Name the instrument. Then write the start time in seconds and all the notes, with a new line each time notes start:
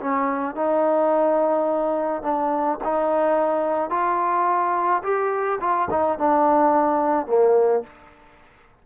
trombone
0.00 C#4
0.55 D#4
2.22 D4
2.84 D#4
3.90 F4
5.03 G4
5.60 F4
5.91 D#4
6.18 D4
7.27 A#3